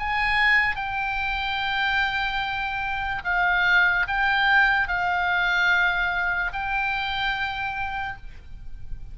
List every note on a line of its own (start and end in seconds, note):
0.00 0.76 G#5
0.76 3.23 G5
3.25 4.07 F5
4.08 4.88 G5
4.88 6.52 F5
6.53 8.17 G5